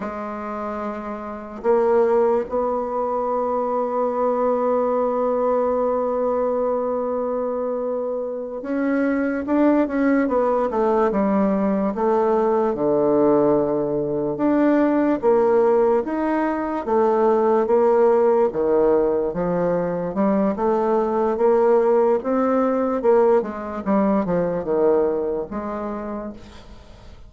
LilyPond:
\new Staff \with { instrumentName = "bassoon" } { \time 4/4 \tempo 4 = 73 gis2 ais4 b4~ | b1~ | b2~ b8 cis'4 d'8 | cis'8 b8 a8 g4 a4 d8~ |
d4. d'4 ais4 dis'8~ | dis'8 a4 ais4 dis4 f8~ | f8 g8 a4 ais4 c'4 | ais8 gis8 g8 f8 dis4 gis4 | }